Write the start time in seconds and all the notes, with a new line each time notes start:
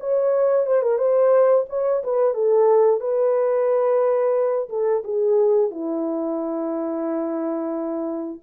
0.00 C#5
0.67 C5
0.82 A#4
0.98 C5
1.69 C#5
2.04 B4
2.34 A4
3.01 B4
4.69 A4
5.04 G#4
5.71 E4